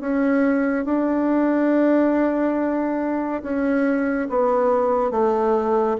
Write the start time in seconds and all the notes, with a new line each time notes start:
0.00 C#4
0.85 D4
3.42 C#4
4.29 B3
5.11 A3